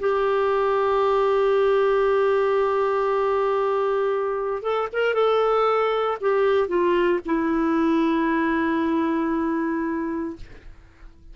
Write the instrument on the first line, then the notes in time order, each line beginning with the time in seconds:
clarinet
0.00 G4
4.63 A4
4.93 A#4
5.14 A4
6.21 G4
6.68 F4
7.26 E4